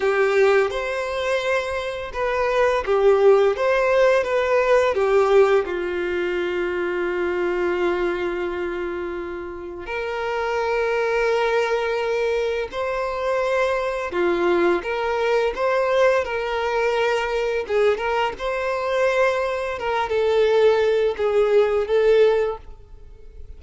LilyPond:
\new Staff \with { instrumentName = "violin" } { \time 4/4 \tempo 4 = 85 g'4 c''2 b'4 | g'4 c''4 b'4 g'4 | f'1~ | f'2 ais'2~ |
ais'2 c''2 | f'4 ais'4 c''4 ais'4~ | ais'4 gis'8 ais'8 c''2 | ais'8 a'4. gis'4 a'4 | }